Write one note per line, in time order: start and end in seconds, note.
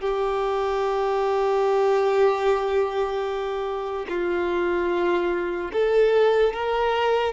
0.00 4.05 G4
4.09 5.71 F4
5.72 6.53 A4
6.53 7.33 A#4